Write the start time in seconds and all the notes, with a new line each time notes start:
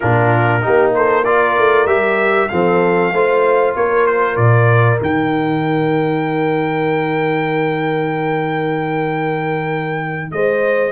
0.00 A#2 D4 F4 A#4
0.61 A#3 D#4 G4
0.95 A4 C5
1.24 F4 A#4 D5
1.58 A3
1.85 G3 G4 E5
2.48 F3 C4 A4 F5
3.12 A3 F4 C5
3.75 A#3 A#4 C#5
4.06 C5
4.36 A#2 D5
4.99 D#3 D#4 G5
10.31 G#3 C5 D#5